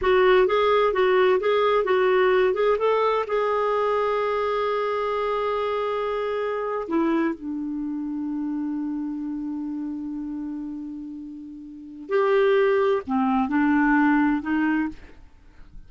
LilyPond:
\new Staff \with { instrumentName = "clarinet" } { \time 4/4 \tempo 4 = 129 fis'4 gis'4 fis'4 gis'4 | fis'4. gis'8 a'4 gis'4~ | gis'1~ | gis'2~ gis'8. e'4 d'16~ |
d'1~ | d'1~ | d'2 g'2 | c'4 d'2 dis'4 | }